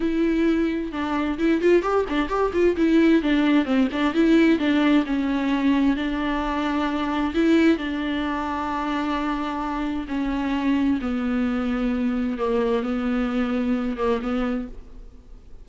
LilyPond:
\new Staff \with { instrumentName = "viola" } { \time 4/4 \tempo 4 = 131 e'2 d'4 e'8 f'8 | g'8 d'8 g'8 f'8 e'4 d'4 | c'8 d'8 e'4 d'4 cis'4~ | cis'4 d'2. |
e'4 d'2.~ | d'2 cis'2 | b2. ais4 | b2~ b8 ais8 b4 | }